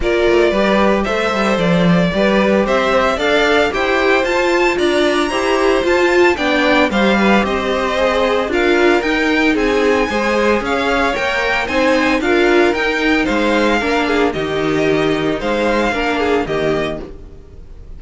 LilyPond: <<
  \new Staff \with { instrumentName = "violin" } { \time 4/4 \tempo 4 = 113 d''2 e''4 d''4~ | d''4 e''4 f''4 g''4 | a''4 ais''2 a''4 | g''4 f''4 dis''2 |
f''4 g''4 gis''2 | f''4 g''4 gis''4 f''4 | g''4 f''2 dis''4~ | dis''4 f''2 dis''4 | }
  \new Staff \with { instrumentName = "violin" } { \time 4/4 ais'4 b'4 c''2 | b'4 c''4 d''4 c''4~ | c''4 d''4 c''2 | d''4 c''8 b'8 c''2 |
ais'2 gis'4 c''4 | cis''2 c''4 ais'4~ | ais'4 c''4 ais'8 gis'8 g'4~ | g'4 c''4 ais'8 gis'8 g'4 | }
  \new Staff \with { instrumentName = "viola" } { \time 4/4 f'4 g'4 a'2 | g'2 a'4 g'4 | f'2 g'4 f'4 | d'4 g'2 gis'4 |
f'4 dis'2 gis'4~ | gis'4 ais'4 dis'4 f'4 | dis'2 d'4 dis'4~ | dis'2 d'4 ais4 | }
  \new Staff \with { instrumentName = "cello" } { \time 4/4 ais8 a8 g4 a8 g8 f4 | g4 c'4 d'4 e'4 | f'4 d'4 e'4 f'4 | b4 g4 c'2 |
d'4 dis'4 c'4 gis4 | cis'4 ais4 c'4 d'4 | dis'4 gis4 ais4 dis4~ | dis4 gis4 ais4 dis4 | }
>>